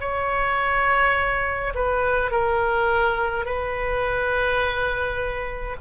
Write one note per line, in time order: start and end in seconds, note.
0.00 1.73 C#5
1.74 2.31 B4
2.31 3.45 A#4
3.45 5.76 B4